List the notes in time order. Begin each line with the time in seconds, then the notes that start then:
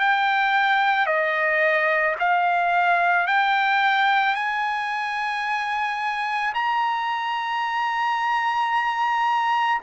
0.00 G5
1.07 D#5
2.20 F5
3.27 G5
4.35 G#5
6.55 A#5